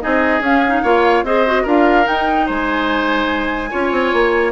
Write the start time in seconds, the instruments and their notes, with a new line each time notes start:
0.00 bassoon C4, clarinet D#4, oboe G#4, flute D#5
0.40 bassoon C#4, clarinet C#4, flute F5
0.67 clarinet D#4
0.83 bassoon A#3, clarinet F4, oboe C#5
1.23 bassoon C4, clarinet G#4, oboe C5, flute D#5
1.46 clarinet F#4
1.62 bassoon D4, clarinet F4, oboe A#4, flute F5
2.04 clarinet D#4, bassoon D#4, flute G5
2.46 bassoon G#3, oboe C5, flute G#5
3.70 bassoon C#4, clarinet F4, oboe C#5
3.91 bassoon C4
4.12 bassoon A#3